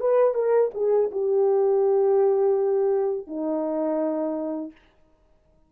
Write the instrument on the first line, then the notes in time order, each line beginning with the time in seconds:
horn
0.00 B4
0.34 A#4
0.74 G#4
1.11 G4
3.27 D#4